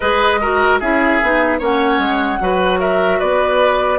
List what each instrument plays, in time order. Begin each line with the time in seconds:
0.00 bassoon G#3, clarinet G#4, oboe B4, flute D#5
0.41 clarinet F#4, oboe A#4
0.80 bassoon C#4, clarinet E4, oboe G#4, flute E5
1.22 bassoon B3, clarinet D#4
1.59 bassoon A#3, clarinet C#4, oboe C#5, flute F#5
1.98 bassoon G#3
2.39 bassoon F#3, clarinet F#4, oboe B4
2.79 oboe A#4, flute E5
3.18 bassoon B3, oboe B4, flute D5